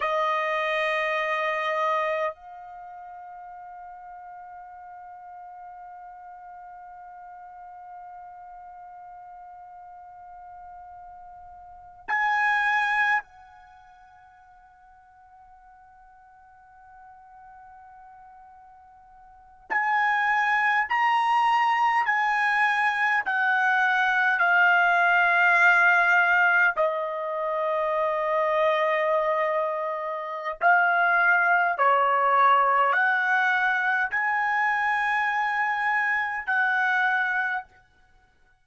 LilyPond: \new Staff \with { instrumentName = "trumpet" } { \time 4/4 \tempo 4 = 51 dis''2 f''2~ | f''1~ | f''2~ f''16 gis''4 fis''8.~ | fis''1~ |
fis''8. gis''4 ais''4 gis''4 fis''16~ | fis''8. f''2 dis''4~ dis''16~ | dis''2 f''4 cis''4 | fis''4 gis''2 fis''4 | }